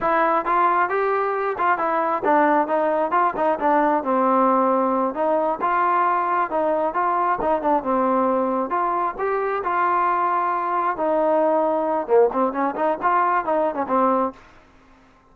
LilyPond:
\new Staff \with { instrumentName = "trombone" } { \time 4/4 \tempo 4 = 134 e'4 f'4 g'4. f'8 | e'4 d'4 dis'4 f'8 dis'8 | d'4 c'2~ c'8 dis'8~ | dis'8 f'2 dis'4 f'8~ |
f'8 dis'8 d'8 c'2 f'8~ | f'8 g'4 f'2~ f'8~ | f'8 dis'2~ dis'8 ais8 c'8 | cis'8 dis'8 f'4 dis'8. cis'16 c'4 | }